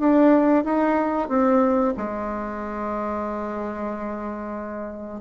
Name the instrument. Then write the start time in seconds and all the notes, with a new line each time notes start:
bassoon
0.00 D4
0.65 D#4
1.29 C4
1.97 G#3